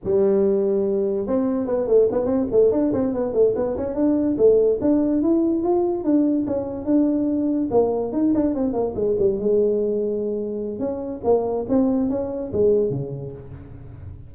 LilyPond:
\new Staff \with { instrumentName = "tuba" } { \time 4/4 \tempo 4 = 144 g2. c'4 | b8 a8 b8 c'8 a8 d'8 c'8 b8 | a8 b8 cis'8 d'4 a4 d'8~ | d'8 e'4 f'4 d'4 cis'8~ |
cis'8 d'2 ais4 dis'8 | d'8 c'8 ais8 gis8 g8 gis4.~ | gis2 cis'4 ais4 | c'4 cis'4 gis4 cis4 | }